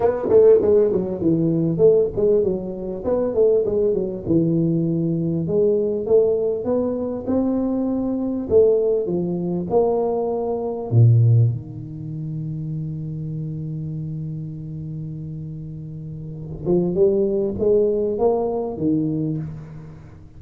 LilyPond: \new Staff \with { instrumentName = "tuba" } { \time 4/4 \tempo 4 = 99 b8 a8 gis8 fis8 e4 a8 gis8 | fis4 b8 a8 gis8 fis8 e4~ | e4 gis4 a4 b4 | c'2 a4 f4 |
ais2 ais,4 dis4~ | dis1~ | dis2.~ dis8 f8 | g4 gis4 ais4 dis4 | }